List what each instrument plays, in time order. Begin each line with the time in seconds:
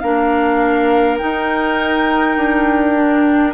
0.00 bassoon A#3, clarinet D4, oboe A#4, flute F5
1.18 clarinet D#4, bassoon D#4, flute G5
2.37 bassoon D4
2.96 clarinet D4